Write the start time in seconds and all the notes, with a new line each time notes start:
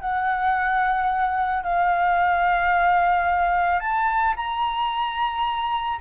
0.00 F#5
1.63 F5
3.80 A5
4.36 A#5